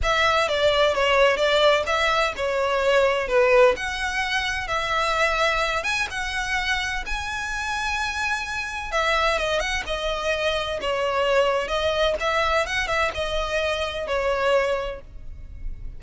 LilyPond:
\new Staff \with { instrumentName = "violin" } { \time 4/4 \tempo 4 = 128 e''4 d''4 cis''4 d''4 | e''4 cis''2 b'4 | fis''2 e''2~ | e''8 gis''8 fis''2 gis''4~ |
gis''2. e''4 | dis''8 fis''8 dis''2 cis''4~ | cis''4 dis''4 e''4 fis''8 e''8 | dis''2 cis''2 | }